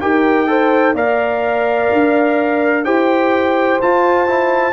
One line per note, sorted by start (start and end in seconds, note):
0.00 0.93 D#4
0.00 0.47 G4
0.00 0.49 A#4
0.00 0.95 G5
0.47 0.95 A4
0.47 0.94 C5
0.93 1.88 A#3
0.93 2.85 A#4
0.93 2.84 D5
0.93 2.84 F5
1.92 2.85 D4
2.84 3.80 E4
2.84 3.80 G4
2.84 4.72 C5
2.84 3.80 G5
3.81 4.27 F4
3.81 4.72 F4
3.81 4.72 A5
4.27 4.72 E4